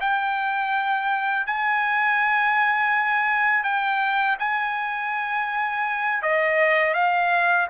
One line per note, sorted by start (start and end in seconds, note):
0.00 1.46 G5
1.46 3.63 G#5
3.63 4.36 G5
4.39 6.22 G#5
6.22 6.93 D#5
6.93 7.67 F5